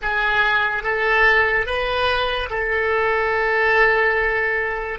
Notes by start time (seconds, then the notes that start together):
0.02 G#4
0.83 A4
1.66 B4
2.50 A4